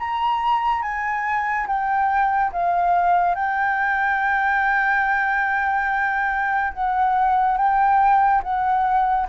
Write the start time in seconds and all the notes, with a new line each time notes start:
0.00 A#5
0.83 G#5
1.67 G5
2.53 F5
3.35 G5
6.74 F#5
7.58 G5
8.44 F#5